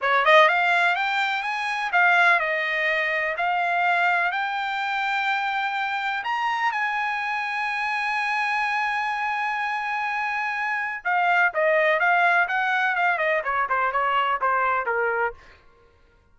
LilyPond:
\new Staff \with { instrumentName = "trumpet" } { \time 4/4 \tempo 4 = 125 cis''8 dis''8 f''4 g''4 gis''4 | f''4 dis''2 f''4~ | f''4 g''2.~ | g''4 ais''4 gis''2~ |
gis''1~ | gis''2. f''4 | dis''4 f''4 fis''4 f''8 dis''8 | cis''8 c''8 cis''4 c''4 ais'4 | }